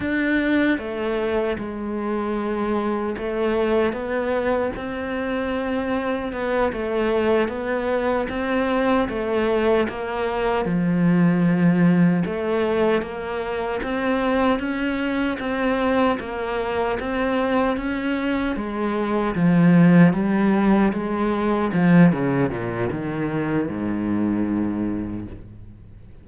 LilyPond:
\new Staff \with { instrumentName = "cello" } { \time 4/4 \tempo 4 = 76 d'4 a4 gis2 | a4 b4 c'2 | b8 a4 b4 c'4 a8~ | a8 ais4 f2 a8~ |
a8 ais4 c'4 cis'4 c'8~ | c'8 ais4 c'4 cis'4 gis8~ | gis8 f4 g4 gis4 f8 | cis8 ais,8 dis4 gis,2 | }